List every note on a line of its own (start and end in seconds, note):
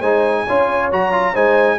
0.00 0.46 G#3
0.00 0.47 D#4
0.00 0.44 C5
0.00 0.90 G#5
0.47 0.92 C#4
0.47 0.92 F4
0.47 1.33 C#5
0.92 1.35 F#3
0.92 1.12 F#4
0.92 1.36 A#5
1.12 1.34 F4
1.33 1.79 G#3
1.33 1.79 D#4
1.33 1.77 C5
1.33 1.79 G#5